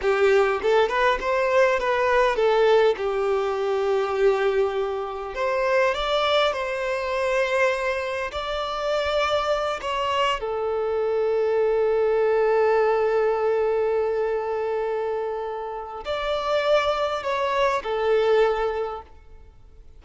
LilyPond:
\new Staff \with { instrumentName = "violin" } { \time 4/4 \tempo 4 = 101 g'4 a'8 b'8 c''4 b'4 | a'4 g'2.~ | g'4 c''4 d''4 c''4~ | c''2 d''2~ |
d''8 cis''4 a'2~ a'8~ | a'1~ | a'2. d''4~ | d''4 cis''4 a'2 | }